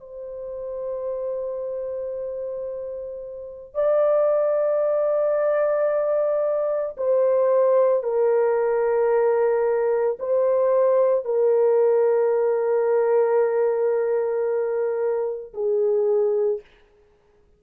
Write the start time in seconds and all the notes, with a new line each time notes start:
0.00 C5
3.75 D5
6.97 C5
8.04 A#4
10.19 C5
11.25 A#4
15.54 G#4